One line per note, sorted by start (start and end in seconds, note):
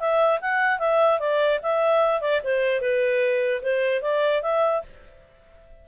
0.00 0.40 E5
0.41 0.79 F#5
0.79 1.20 E5
1.20 1.60 D5
1.63 2.21 E5
2.21 2.41 D5
2.44 2.81 C5
2.81 3.62 B4
3.62 4.02 C5
4.02 4.43 D5
4.43 4.83 E5